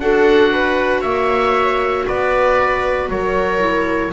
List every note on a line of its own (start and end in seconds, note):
0.00 1.03 D4
0.00 3.59 F#4
0.00 0.53 A4
0.00 1.02 F#5
0.53 1.01 B4
1.01 2.07 A#3
1.01 2.05 C#5
1.01 2.05 E5
2.08 3.09 B3
2.08 3.11 B4
2.08 3.10 D5
3.09 4.13 F#3
3.09 4.13 A#4
3.09 4.13 C#5
3.59 4.11 E4